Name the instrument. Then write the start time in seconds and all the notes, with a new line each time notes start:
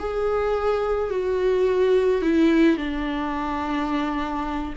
viola
0.00 G#4
1.11 F#4
2.23 E4
2.78 D4